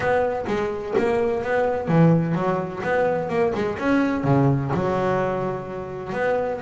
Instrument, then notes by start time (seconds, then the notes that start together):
double bass
0.00 B3
0.47 G#3
0.98 A#3
1.43 B3
1.88 E3
2.35 F#3
2.83 B3
3.29 A#3
3.54 G#3
3.79 C#4
4.24 C#3
4.74 F#3
6.13 B3